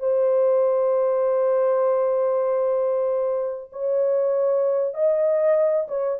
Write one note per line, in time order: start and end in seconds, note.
0.00 3.71 C5
3.73 4.94 C#5
4.94 5.87 D#5
5.88 6.19 C#5